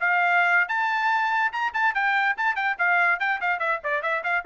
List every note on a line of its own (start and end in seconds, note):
0.00 0.69 F5
0.69 1.52 A5
1.52 1.73 A#5
1.74 1.95 A5
1.95 2.36 G5
2.37 2.55 A5
2.55 2.76 G5
2.79 3.20 F5
3.20 3.40 G5
3.41 3.59 F5
3.59 3.80 E5
3.84 4.02 D5
4.02 4.23 E5
4.24 4.45 F5